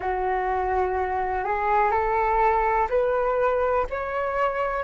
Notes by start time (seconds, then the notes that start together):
0.00 F#4
1.44 G#4
1.91 A4
2.89 B4
3.89 C#5